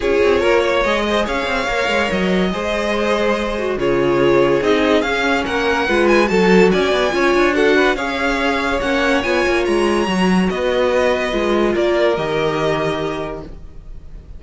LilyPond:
<<
  \new Staff \with { instrumentName = "violin" } { \time 4/4 \tempo 4 = 143 cis''2 dis''4 f''4~ | f''4 dis''2.~ | dis''4 cis''2 dis''4 | f''4 fis''4. gis''8 a''4 |
gis''2 fis''4 f''4~ | f''4 fis''4 gis''4 ais''4~ | ais''4 dis''2. | d''4 dis''2. | }
  \new Staff \with { instrumentName = "violin" } { \time 4/4 gis'4 ais'8 cis''4 c''8 cis''4~ | cis''2 c''2~ | c''4 gis'2.~ | gis'4 ais'4 b'4 a'4 |
d''4 cis''4 a'8 b'8 cis''4~ | cis''1~ | cis''4 b'2. | ais'1 | }
  \new Staff \with { instrumentName = "viola" } { \time 4/4 f'2 gis'2 | ais'2 gis'2~ | gis'8 fis'8 f'2 dis'4 | cis'2 f'4 fis'4~ |
fis'4 f'4 fis'4 gis'4~ | gis'4 cis'4 f'2 | fis'2. f'4~ | f'4 g'2. | }
  \new Staff \with { instrumentName = "cello" } { \time 4/4 cis'8 c'8 ais4 gis4 cis'8 c'8 | ais8 gis8 fis4 gis2~ | gis4 cis2 c'4 | cis'4 ais4 gis4 fis4 |
cis'8 b8 cis'8 d'4. cis'4~ | cis'4 ais4 b8 ais8 gis4 | fis4 b2 gis4 | ais4 dis2. | }
>>